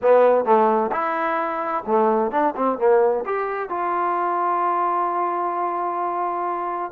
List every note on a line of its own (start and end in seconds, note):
0.01 0.44 B3
0.44 0.90 A3
0.91 1.84 E4
1.86 2.31 A3
2.31 2.54 D4
2.56 2.78 C4
2.78 3.24 A#3
3.25 3.69 G4
3.69 6.91 F4